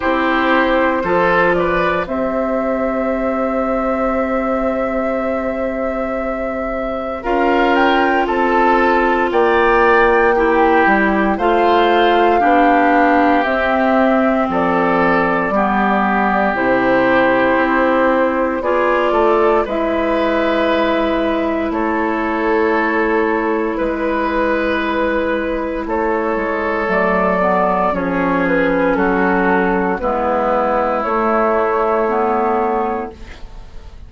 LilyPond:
<<
  \new Staff \with { instrumentName = "flute" } { \time 4/4 \tempo 4 = 58 c''4. d''8 e''2~ | e''2. f''8 g''8 | a''4 g''2 f''4~ | f''4 e''4 d''2 |
c''2 d''4 e''4~ | e''4 cis''2 b'4~ | b'4 cis''4 d''4 cis''8 b'8 | a'4 b'4 cis''2 | }
  \new Staff \with { instrumentName = "oboe" } { \time 4/4 g'4 a'8 b'8 c''2~ | c''2. ais'4 | a'4 d''4 g'4 c''4 | g'2 a'4 g'4~ |
g'2 gis'8 a'8 b'4~ | b'4 a'2 b'4~ | b'4 a'2 gis'4 | fis'4 e'2. | }
  \new Staff \with { instrumentName = "clarinet" } { \time 4/4 e'4 f'4 g'2~ | g'2. f'4~ | f'2 e'4 f'4 | d'4 c'2 b4 |
e'2 f'4 e'4~ | e'1~ | e'2 a8 b8 cis'4~ | cis'4 b4 a4 b4 | }
  \new Staff \with { instrumentName = "bassoon" } { \time 4/4 c'4 f4 c'2~ | c'2. cis'4 | c'4 ais4. g8 a4 | b4 c'4 f4 g4 |
c4 c'4 b8 a8 gis4~ | gis4 a2 gis4~ | gis4 a8 gis8 fis4 f4 | fis4 gis4 a2 | }
>>